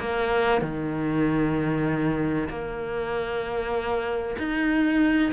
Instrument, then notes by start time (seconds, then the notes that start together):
cello
0.00 A#3
0.61 D#3
2.49 A#3
4.39 D#4